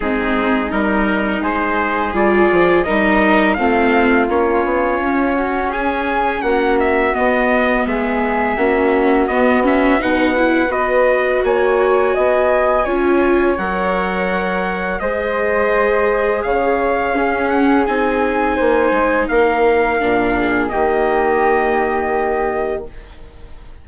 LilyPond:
<<
  \new Staff \with { instrumentName = "trumpet" } { \time 4/4 \tempo 4 = 84 gis'4 ais'4 c''4 d''4 | dis''4 f''4 cis''2 | gis''4 fis''8 e''8 dis''4 e''4~ | e''4 dis''8 e''8 fis''4 dis''4 |
gis''2. fis''4~ | fis''4 dis''2 f''4~ | f''8 fis''8 gis''2 f''4~ | f''4 dis''2. | }
  \new Staff \with { instrumentName = "flute" } { \time 4/4 dis'2 gis'2 | ais'4 f'2~ f'8 fis'8 | gis'4 fis'2 gis'4 | fis'2 b'2 |
cis''4 dis''4 cis''2~ | cis''4 c''2 cis''4 | gis'2 c''4 ais'4~ | ais'8 gis'8 g'2. | }
  \new Staff \with { instrumentName = "viola" } { \time 4/4 c'4 dis'2 f'4 | dis'4 c'4 cis'2~ | cis'2 b2 | cis'4 b8 cis'8 dis'8 e'8 fis'4~ |
fis'2 f'4 ais'4~ | ais'4 gis'2. | cis'4 dis'2. | d'4 ais2. | }
  \new Staff \with { instrumentName = "bassoon" } { \time 4/4 gis4 g4 gis4 g8 f8 | g4 a4 ais8 b8 cis'4~ | cis'4 ais4 b4 gis4 | ais4 b4 b,4 b4 |
ais4 b4 cis'4 fis4~ | fis4 gis2 cis4 | cis'4 c'4 ais8 gis8 ais4 | ais,4 dis2. | }
>>